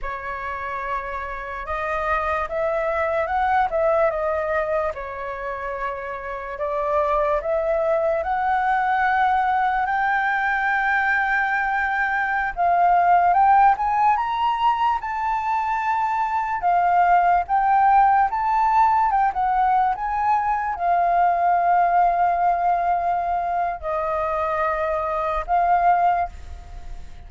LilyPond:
\new Staff \with { instrumentName = "flute" } { \time 4/4 \tempo 4 = 73 cis''2 dis''4 e''4 | fis''8 e''8 dis''4 cis''2 | d''4 e''4 fis''2 | g''2.~ g''16 f''8.~ |
f''16 g''8 gis''8 ais''4 a''4.~ a''16~ | a''16 f''4 g''4 a''4 g''16 fis''8~ | fis''16 gis''4 f''2~ f''8.~ | f''4 dis''2 f''4 | }